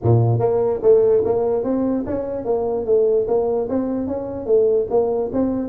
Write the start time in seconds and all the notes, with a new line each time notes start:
0.02 A#2
0.39 A#3
0.82 A3
1.24 A#3
1.63 C4
2.06 C#4
2.44 A#3
2.85 A3
3.27 A#3
3.69 C4
4.07 C#4
4.46 A3
4.90 A#3
5.32 C4